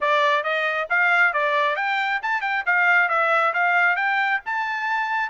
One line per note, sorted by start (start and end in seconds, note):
0.00 0.43 D5
0.43 0.87 D#5
0.89 1.33 F5
1.33 1.76 D5
1.76 2.20 G5
2.22 2.41 A5
2.41 2.63 G5
2.66 3.09 F5
3.09 3.53 E5
3.53 3.96 F5
3.96 4.40 G5
4.45 5.29 A5